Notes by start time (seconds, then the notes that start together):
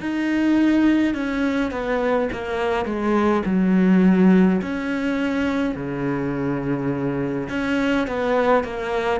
0.00 D#4
1.14 C#4
1.71 B3
2.32 A#3
2.85 G#3
3.46 F#3
4.61 C#4
5.75 C#3
7.49 C#4
8.07 B3
8.64 A#3